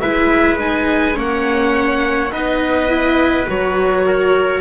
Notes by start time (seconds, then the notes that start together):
0.00 G#3 E4 B4 E5
0.58 D#4 G#5
1.14 A#3 C#4 C#5 F#5
2.31 B3 D#4 B4 D#5
2.88 E4
3.46 F#3 F#4 C#5
4.06 A#4